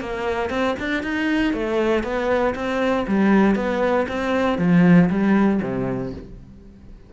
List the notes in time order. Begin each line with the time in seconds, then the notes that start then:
0.00 A#3
0.50 C4
0.79 D4
1.03 D#4
1.53 A3
2.03 B3
2.55 C4
3.07 G3
3.55 B3
4.08 C4
4.58 F3
5.10 G3
5.62 C3